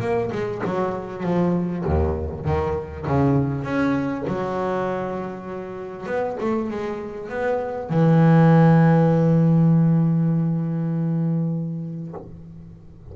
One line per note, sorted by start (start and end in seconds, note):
0.00 0.30 A#3
0.32 0.62 G#3
0.65 1.23 F#3
1.23 1.84 F3
1.85 2.45 D#2
2.45 3.06 D#3
3.07 3.64 C#3
3.64 4.25 C#4
4.27 6.06 F#3
6.06 6.37 B3
6.40 6.71 A3
6.71 7.29 G#3
7.29 7.90 B3
7.90 12.14 E3